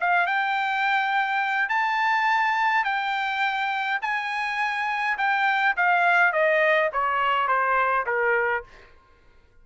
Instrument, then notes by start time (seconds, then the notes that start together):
trumpet
0.00 F5
0.27 G5
1.69 A5
2.84 G5
4.02 G#5
5.18 G5
5.77 F5
6.33 D#5
6.93 C#5
7.48 C5
8.06 A#4